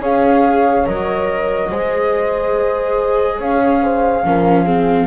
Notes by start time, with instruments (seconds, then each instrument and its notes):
0.00 double bass C#4, viola G#4, horn C#5, flute F5
0.85 double bass F#3, viola A#4, flute D#5
1.70 double bass G#3, viola G#4, horn C5
3.38 double bass C#4, horn C#5, flute F5
3.82 horn C5
4.23 double bass F3, viola C#4, horn A#4
4.64 viola C4, horn G#4